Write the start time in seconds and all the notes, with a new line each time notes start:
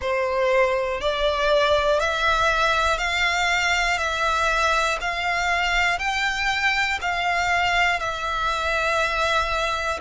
0.01 C5
1.00 D5
2.00 E5
2.97 F5
3.98 E5
5.00 F5
5.98 G5
7.00 F5
8.00 E5